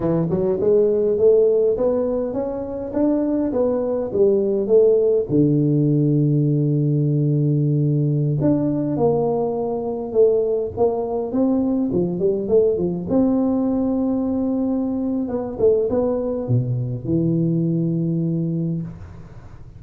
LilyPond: \new Staff \with { instrumentName = "tuba" } { \time 4/4 \tempo 4 = 102 e8 fis8 gis4 a4 b4 | cis'4 d'4 b4 g4 | a4 d2.~ | d2~ d16 d'4 ais8.~ |
ais4~ ais16 a4 ais4 c'8.~ | c'16 f8 g8 a8 f8 c'4.~ c'16~ | c'2 b8 a8 b4 | b,4 e2. | }